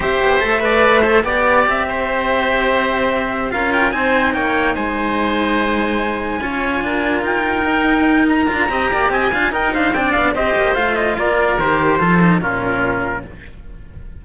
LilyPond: <<
  \new Staff \with { instrumentName = "trumpet" } { \time 4/4 \tempo 4 = 145 e''2. d''4 | e''1~ | e''8 f''8 g''8 gis''4 g''4 gis''8~ | gis''1~ |
gis''4. g''2~ g''8 | ais''2 gis''4 g''8 f''8 | g''8 f''8 dis''4 f''8 dis''8 d''4 | c''2 ais'2 | }
  \new Staff \with { instrumentName = "oboe" } { \time 4/4 c''4. d''4 c''8 d''4~ | d''8 c''2.~ c''8~ | c''8 ais'4 c''4 cis''4 c''8~ | c''2.~ c''8 cis''8~ |
cis''8 ais'2.~ ais'8~ | ais'4 dis''8 d''8 dis''8 f''8 ais'8 c''8 | d''4 c''2 ais'4~ | ais'4 a'4 f'2 | }
  \new Staff \with { instrumentName = "cello" } { \time 4/4 g'4 a'8 b'4 a'8 g'4~ | g'1~ | g'8 f'4 dis'2~ dis'8~ | dis'2.~ dis'8 f'8~ |
f'2~ f'8 dis'4.~ | dis'8 f'8 g'4. f'8 dis'4 | d'4 g'4 f'2 | g'4 f'8 dis'8 cis'2 | }
  \new Staff \with { instrumentName = "cello" } { \time 4/4 c'8 b8 a2 b4 | c'1~ | c'8 cis'4 c'4 ais4 gis8~ | gis2.~ gis8 cis'8~ |
cis'8 d'4 dis'2~ dis'8~ | dis'8 d'8 c'8 ais8 c'8 d'8 dis'8 d'8 | c'8 b8 c'8 ais8 a4 ais4 | dis4 f4 ais,2 | }
>>